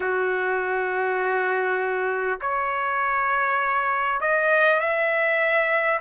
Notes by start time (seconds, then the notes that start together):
0.00 F#4
2.41 C#5
4.21 D#5
4.80 E5